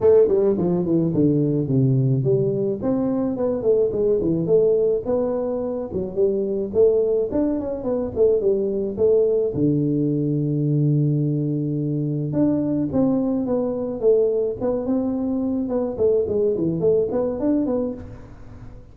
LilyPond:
\new Staff \with { instrumentName = "tuba" } { \time 4/4 \tempo 4 = 107 a8 g8 f8 e8 d4 c4 | g4 c'4 b8 a8 gis8 e8 | a4 b4. fis8 g4 | a4 d'8 cis'8 b8 a8 g4 |
a4 d2.~ | d2 d'4 c'4 | b4 a4 b8 c'4. | b8 a8 gis8 e8 a8 b8 d'8 b8 | }